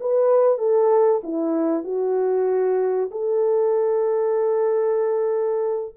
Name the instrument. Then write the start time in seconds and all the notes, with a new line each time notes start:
horn
0.00 B4
0.58 A4
1.23 E4
1.83 F#4
3.11 A4